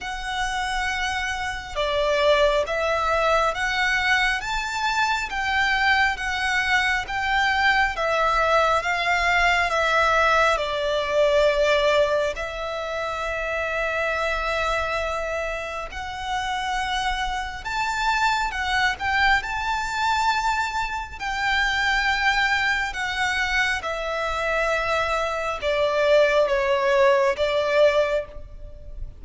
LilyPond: \new Staff \with { instrumentName = "violin" } { \time 4/4 \tempo 4 = 68 fis''2 d''4 e''4 | fis''4 a''4 g''4 fis''4 | g''4 e''4 f''4 e''4 | d''2 e''2~ |
e''2 fis''2 | a''4 fis''8 g''8 a''2 | g''2 fis''4 e''4~ | e''4 d''4 cis''4 d''4 | }